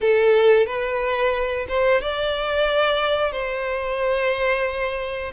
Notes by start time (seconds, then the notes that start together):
0.00 A4
0.66 B4
1.68 C5
2.01 D5
3.32 C5